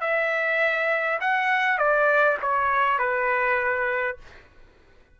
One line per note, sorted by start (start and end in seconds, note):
0.00 1.19 E5
1.20 1.78 F#5
1.78 2.37 D5
2.41 2.98 C#5
2.98 4.17 B4